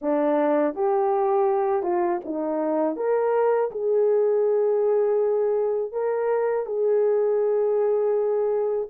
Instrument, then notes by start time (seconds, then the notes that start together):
horn
0.01 D4
0.74 G4
1.82 F4
2.24 D#4
2.96 A#4
3.71 G#4
5.92 A#4
6.66 G#4